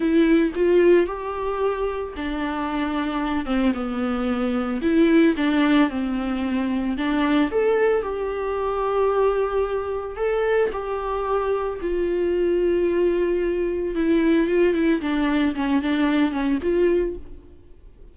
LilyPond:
\new Staff \with { instrumentName = "viola" } { \time 4/4 \tempo 4 = 112 e'4 f'4 g'2 | d'2~ d'8 c'8 b4~ | b4 e'4 d'4 c'4~ | c'4 d'4 a'4 g'4~ |
g'2. a'4 | g'2 f'2~ | f'2 e'4 f'8 e'8 | d'4 cis'8 d'4 cis'8 f'4 | }